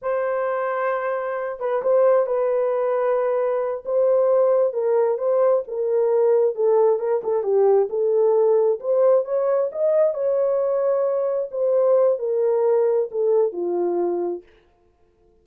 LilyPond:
\new Staff \with { instrumentName = "horn" } { \time 4/4 \tempo 4 = 133 c''2.~ c''8 b'8 | c''4 b'2.~ | b'8 c''2 ais'4 c''8~ | c''8 ais'2 a'4 ais'8 |
a'8 g'4 a'2 c''8~ | c''8 cis''4 dis''4 cis''4.~ | cis''4. c''4. ais'4~ | ais'4 a'4 f'2 | }